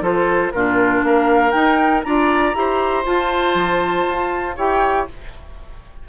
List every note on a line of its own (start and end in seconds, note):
0.00 0.50 F3
0.00 0.52 F4
0.00 0.52 A4
0.00 0.51 C5
0.51 1.03 A#2
0.51 1.52 D4
0.51 1.05 F4
0.51 1.02 A#4
1.03 1.53 A#3
1.03 2.05 A#4
1.03 1.51 F5
1.51 2.03 D#4
1.51 2.04 D#4
1.51 2.01 G5
2.03 2.54 D4
2.03 2.54 F4
2.03 2.56 D5
2.03 3.04 A#5
2.54 3.05 E4
2.54 3.04 G4
2.54 4.56 C5
3.04 4.55 F4
3.04 3.54 F4
3.04 4.56 A5
3.54 4.05 F3
4.09 4.57 F4
4.56 5.08 E4
4.56 5.07 G4
4.56 5.06 C#5
4.56 5.08 G5